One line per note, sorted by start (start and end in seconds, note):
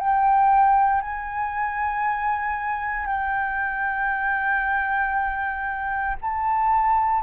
0.00 1.02 G5
1.02 3.06 G#5
3.06 6.16 G5
6.22 7.23 A5